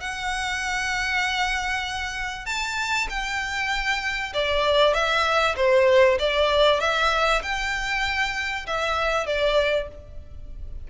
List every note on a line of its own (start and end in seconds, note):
0.00 2.45 F#5
2.45 3.07 A5
3.09 4.33 G5
4.34 4.93 D5
4.93 5.55 E5
5.56 6.18 C5
6.19 6.80 D5
6.80 7.42 E5
7.43 8.66 G5
8.67 9.26 E5
9.26 9.88 D5